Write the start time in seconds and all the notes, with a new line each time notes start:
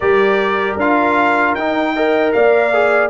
0.00 G3 G4 A#4 D5
0.75 D4 F4 F5
1.54 D#4 G5
1.94 A#4 D#5
2.32 A#3 D5 F5
2.73 G#4